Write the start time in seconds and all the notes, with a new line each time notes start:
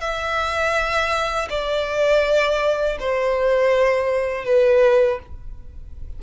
0.00 E5
1.49 D5
2.99 C5
4.45 B4